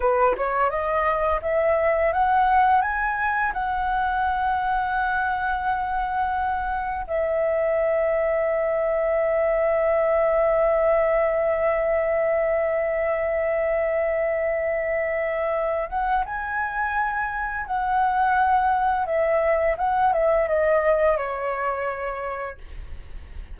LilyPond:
\new Staff \with { instrumentName = "flute" } { \time 4/4 \tempo 4 = 85 b'8 cis''8 dis''4 e''4 fis''4 | gis''4 fis''2.~ | fis''2 e''2~ | e''1~ |
e''1~ | e''2~ e''8 fis''8 gis''4~ | gis''4 fis''2 e''4 | fis''8 e''8 dis''4 cis''2 | }